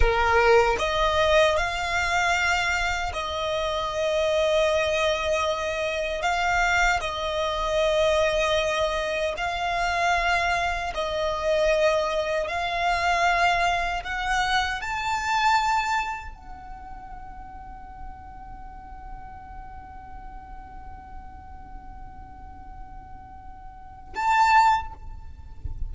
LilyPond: \new Staff \with { instrumentName = "violin" } { \time 4/4 \tempo 4 = 77 ais'4 dis''4 f''2 | dis''1 | f''4 dis''2. | f''2 dis''2 |
f''2 fis''4 a''4~ | a''4 fis''2.~ | fis''1~ | fis''2. a''4 | }